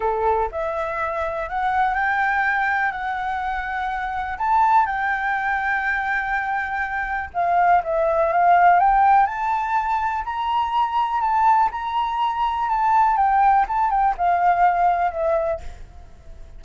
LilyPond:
\new Staff \with { instrumentName = "flute" } { \time 4/4 \tempo 4 = 123 a'4 e''2 fis''4 | g''2 fis''2~ | fis''4 a''4 g''2~ | g''2. f''4 |
e''4 f''4 g''4 a''4~ | a''4 ais''2 a''4 | ais''2 a''4 g''4 | a''8 g''8 f''2 e''4 | }